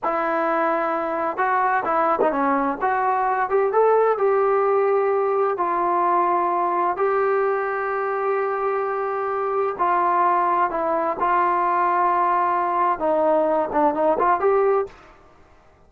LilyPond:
\new Staff \with { instrumentName = "trombone" } { \time 4/4 \tempo 4 = 129 e'2. fis'4 | e'8. dis'16 cis'4 fis'4. g'8 | a'4 g'2. | f'2. g'4~ |
g'1~ | g'4 f'2 e'4 | f'1 | dis'4. d'8 dis'8 f'8 g'4 | }